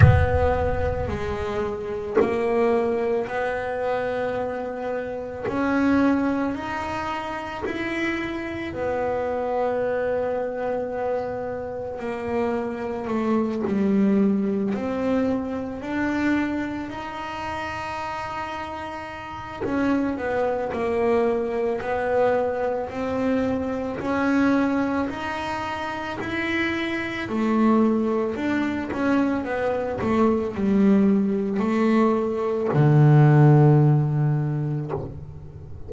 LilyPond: \new Staff \with { instrumentName = "double bass" } { \time 4/4 \tempo 4 = 55 b4 gis4 ais4 b4~ | b4 cis'4 dis'4 e'4 | b2. ais4 | a8 g4 c'4 d'4 dis'8~ |
dis'2 cis'8 b8 ais4 | b4 c'4 cis'4 dis'4 | e'4 a4 d'8 cis'8 b8 a8 | g4 a4 d2 | }